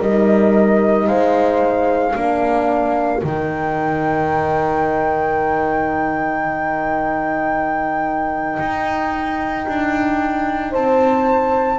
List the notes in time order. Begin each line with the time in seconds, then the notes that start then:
0.00 G3 D#4 A#4 D#5
1.07 G#3 C5 F5
2.13 A#3 D4 A#4
3.23 D#3 D#4 G5
8.59 D#4
9.67 D4
10.70 C4 C5 A5